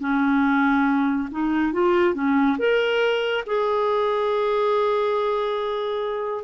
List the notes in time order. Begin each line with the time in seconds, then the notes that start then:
0.00 C#4
1.31 D#4
1.73 F4
2.15 C#4
2.58 A#4
3.46 G#4